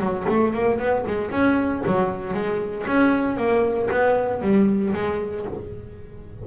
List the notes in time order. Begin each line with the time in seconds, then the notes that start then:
0.00 F#3
0.28 A3
0.53 A#3
0.79 B3
1.07 G#3
1.30 C#4
1.86 F#3
2.33 G#3
2.87 C#4
3.37 A#3
3.91 B3
4.41 G3
4.93 G#3